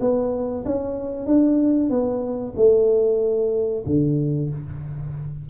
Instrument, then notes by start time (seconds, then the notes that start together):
tuba
0.00 B3
0.65 C#4
1.26 D4
1.89 B3
2.56 A3
3.86 D3